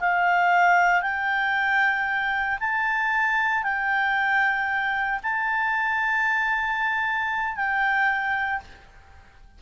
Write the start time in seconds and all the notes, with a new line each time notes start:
0.00 F5
1.02 G5
2.60 A5
3.63 G5
5.23 A5
7.56 G5